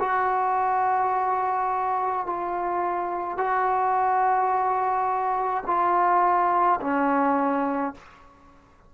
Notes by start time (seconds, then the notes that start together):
0.00 F#4
2.26 F4
3.38 F#4
5.67 F4
6.82 C#4